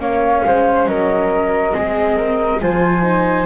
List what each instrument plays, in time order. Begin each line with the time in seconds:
0.00 double bass A#3, viola C#4, flute C#5 F5
0.45 double bass G#3, flute C5
0.86 double bass F#3, flute A#4 D#5
1.72 double bass G#3, viola C4, flute G#4
2.17 flute A#4
2.60 double bass F3, viola F4, flute C5 G#5
3.03 viola D#4